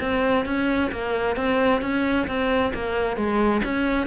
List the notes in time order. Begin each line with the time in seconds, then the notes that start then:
0.00 C4
0.45 C#4
0.91 A#3
1.36 C4
1.81 C#4
2.27 C4
2.74 A#3
3.16 G#3
3.64 C#4